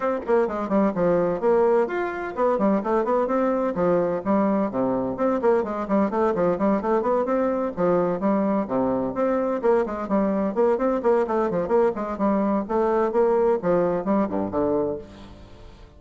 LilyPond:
\new Staff \with { instrumentName = "bassoon" } { \time 4/4 \tempo 4 = 128 c'8 ais8 gis8 g8 f4 ais4 | f'4 b8 g8 a8 b8 c'4 | f4 g4 c4 c'8 ais8 | gis8 g8 a8 f8 g8 a8 b8 c'8~ |
c'8 f4 g4 c4 c'8~ | c'8 ais8 gis8 g4 ais8 c'8 ais8 | a8 f8 ais8 gis8 g4 a4 | ais4 f4 g8 g,8 d4 | }